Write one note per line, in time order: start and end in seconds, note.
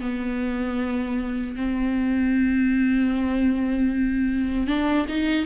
0.00 1.55 B3
1.55 4.67 C4
4.67 5.06 D4
5.08 5.45 D#4